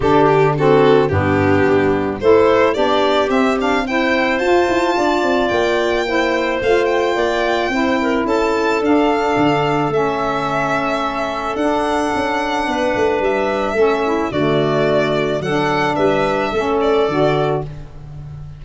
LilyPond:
<<
  \new Staff \with { instrumentName = "violin" } { \time 4/4 \tempo 4 = 109 a'8 g'8 a'4 g'2 | c''4 d''4 e''8 f''8 g''4 | a''2 g''2 | f''8 g''2~ g''8 a''4 |
f''2 e''2~ | e''4 fis''2. | e''2 d''2 | fis''4 e''4. d''4. | }
  \new Staff \with { instrumentName = "clarinet" } { \time 4/4 g'4 fis'4 d'2 | a'4 g'2 c''4~ | c''4 d''2 c''4~ | c''4 d''4 c''8 ais'8 a'4~ |
a'1~ | a'2. b'4~ | b'4 a'8 e'8 fis'2 | a'4 b'4 a'2 | }
  \new Staff \with { instrumentName = "saxophone" } { \time 4/4 d'4 c'4 b2 | e'4 d'4 c'8 d'8 e'4 | f'2. e'4 | f'2 e'2 |
d'2 cis'2~ | cis'4 d'2.~ | d'4 cis'4 a2 | d'2 cis'4 fis'4 | }
  \new Staff \with { instrumentName = "tuba" } { \time 4/4 d2 g,4 g4 | a4 b4 c'2 | f'8 e'8 d'8 c'8 ais2 | a4 ais4 c'4 cis'4 |
d'4 d4 a2~ | a4 d'4 cis'4 b8 a8 | g4 a4 d2 | fis4 g4 a4 d4 | }
>>